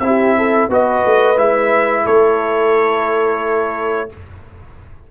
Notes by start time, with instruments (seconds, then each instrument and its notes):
0.00 tuba C4, trombone E4, horn G4, trumpet E5
0.38 horn A4
0.70 tuba B3, trombone F#4, horn B4, trumpet D#5
1.05 tuba A3
1.37 tuba G#3, trombone E4, trumpet E5
2.05 tuba A3, horn A4, trumpet C#5